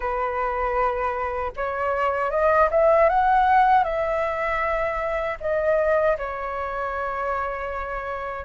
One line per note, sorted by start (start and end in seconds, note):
0.00 1.51 B4
1.56 2.30 C#5
2.30 2.69 D#5
2.71 3.09 E5
3.09 3.84 F#5
3.84 5.37 E5
5.40 6.17 D#5
6.17 8.45 C#5